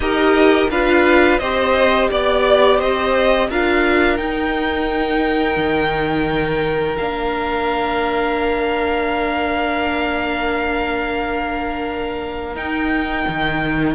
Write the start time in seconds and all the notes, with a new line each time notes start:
0.00 D#4 G4 A#4 D#5
0.69 D4 F4 B4 F5
1.38 C4 G4 C5 D#5
2.09 B3 D5
2.77 C4 C5 D#5
3.49 D4 F4 A#4 F5
4.17 D#4 G5
5.56 D#3
6.97 A#3 D4 F5
12.55 D#4 G5
13.28 D#3